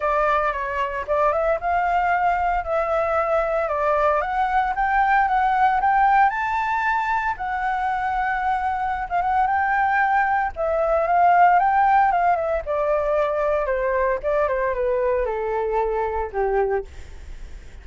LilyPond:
\new Staff \with { instrumentName = "flute" } { \time 4/4 \tempo 4 = 114 d''4 cis''4 d''8 e''8 f''4~ | f''4 e''2 d''4 | fis''4 g''4 fis''4 g''4 | a''2 fis''2~ |
fis''4~ fis''16 f''16 fis''8 g''2 | e''4 f''4 g''4 f''8 e''8 | d''2 c''4 d''8 c''8 | b'4 a'2 g'4 | }